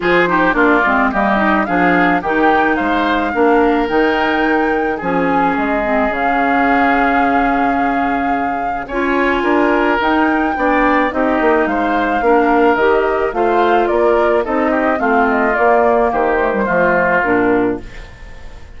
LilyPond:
<<
  \new Staff \with { instrumentName = "flute" } { \time 4/4 \tempo 4 = 108 c''4 d''4 dis''4 f''4 | g''4 f''2 g''4~ | g''4 gis''4 dis''4 f''4~ | f''1 |
gis''2 g''2 | dis''4 f''2 dis''4 | f''4 d''4 dis''4 f''8 dis''8 | d''4 c''2 ais'4 | }
  \new Staff \with { instrumentName = "oboe" } { \time 4/4 gis'8 g'8 f'4 g'4 gis'4 | g'4 c''4 ais'2~ | ais'4 gis'2.~ | gis'1 |
cis''4 ais'2 d''4 | g'4 c''4 ais'2 | c''4 ais'4 a'8 g'8 f'4~ | f'4 g'4 f'2 | }
  \new Staff \with { instrumentName = "clarinet" } { \time 4/4 f'8 dis'8 d'8 c'8 ais8 dis'8 d'4 | dis'2 d'4 dis'4~ | dis'4 cis'4. c'8 cis'4~ | cis'1 |
f'2 dis'4 d'4 | dis'2 d'4 g'4 | f'2 dis'4 c'4 | ais4. a16 g16 a4 d'4 | }
  \new Staff \with { instrumentName = "bassoon" } { \time 4/4 f4 ais8 gis8 g4 f4 | dis4 gis4 ais4 dis4~ | dis4 f4 gis4 cis4~ | cis1 |
cis'4 d'4 dis'4 b4 | c'8 ais8 gis4 ais4 dis4 | a4 ais4 c'4 a4 | ais4 dis4 f4 ais,4 | }
>>